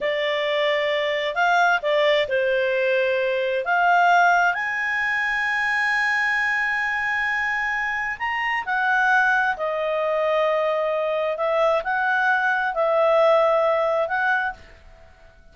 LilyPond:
\new Staff \with { instrumentName = "clarinet" } { \time 4/4 \tempo 4 = 132 d''2. f''4 | d''4 c''2. | f''2 gis''2~ | gis''1~ |
gis''2 ais''4 fis''4~ | fis''4 dis''2.~ | dis''4 e''4 fis''2 | e''2. fis''4 | }